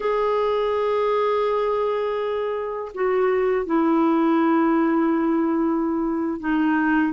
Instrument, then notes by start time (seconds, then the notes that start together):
clarinet
0.00 G#4
2.94 F#4
3.66 E4
6.40 D#4